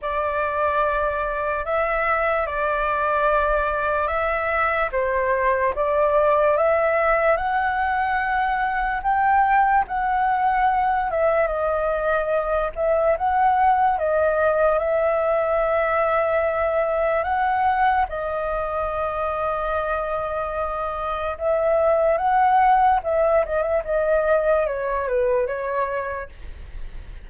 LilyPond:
\new Staff \with { instrumentName = "flute" } { \time 4/4 \tempo 4 = 73 d''2 e''4 d''4~ | d''4 e''4 c''4 d''4 | e''4 fis''2 g''4 | fis''4. e''8 dis''4. e''8 |
fis''4 dis''4 e''2~ | e''4 fis''4 dis''2~ | dis''2 e''4 fis''4 | e''8 dis''16 e''16 dis''4 cis''8 b'8 cis''4 | }